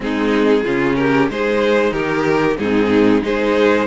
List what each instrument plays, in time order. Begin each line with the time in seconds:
0.00 cello G#3, viola C4, violin D#4 G#4
0.63 cello C#3, viola C#4, violin F4
0.95 violin G4 A#4
1.29 cello G#3, viola D#4, violin G#4 C5
1.92 cello D#3, violin G4 A#4
2.58 cello G#2, viola C4, violin D#4 G#4
3.22 cello G#3, viola D#4, violin G#4 C5